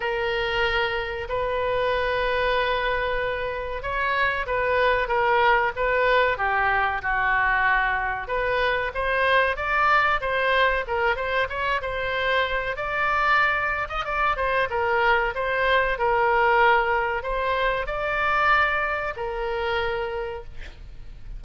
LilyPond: \new Staff \with { instrumentName = "oboe" } { \time 4/4 \tempo 4 = 94 ais'2 b'2~ | b'2 cis''4 b'4 | ais'4 b'4 g'4 fis'4~ | fis'4 b'4 c''4 d''4 |
c''4 ais'8 c''8 cis''8 c''4. | d''4.~ d''16 dis''16 d''8 c''8 ais'4 | c''4 ais'2 c''4 | d''2 ais'2 | }